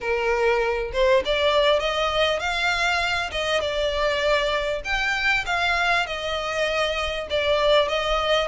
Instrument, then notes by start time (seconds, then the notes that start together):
violin
0.00 A#4
0.93 C5
1.25 D5
1.79 D#5
2.39 F5
3.31 D#5
3.60 D5
4.84 G5
5.46 F5
6.06 D#5
7.30 D5
7.88 D#5